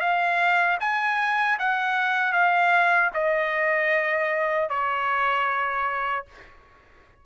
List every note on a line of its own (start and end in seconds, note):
0.00 0.78 F5
0.80 1.58 G#5
1.59 2.33 F#5
2.33 3.11 F5
3.13 4.69 D#5
4.69 6.25 C#5